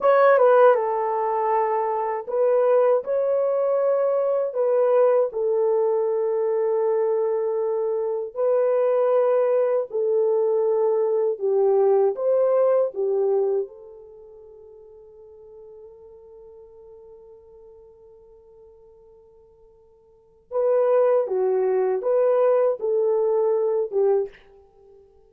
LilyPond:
\new Staff \with { instrumentName = "horn" } { \time 4/4 \tempo 4 = 79 cis''8 b'8 a'2 b'4 | cis''2 b'4 a'4~ | a'2. b'4~ | b'4 a'2 g'4 |
c''4 g'4 a'2~ | a'1~ | a'2. b'4 | fis'4 b'4 a'4. g'8 | }